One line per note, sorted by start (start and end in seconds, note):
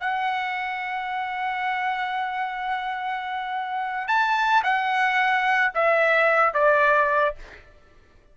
0.00 4.08 F#5
4.08 4.63 A5
4.63 5.72 F#5
5.75 6.54 E5
6.54 7.36 D5